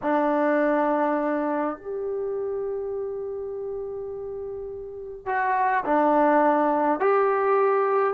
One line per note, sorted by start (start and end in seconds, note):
0.02 1.77 D4
1.77 5.26 G4
5.26 5.84 F#4
5.84 7.00 D4
7.00 8.13 G4